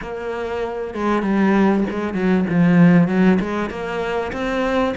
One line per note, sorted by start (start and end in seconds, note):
0.01 0.94 A#3
0.94 1.22 G#3
1.22 1.84 G3
1.90 2.14 G#3
2.14 2.45 F#3
2.49 3.08 F3
3.08 3.39 F#3
3.40 3.70 G#3
3.70 4.32 A#3
4.32 4.94 C4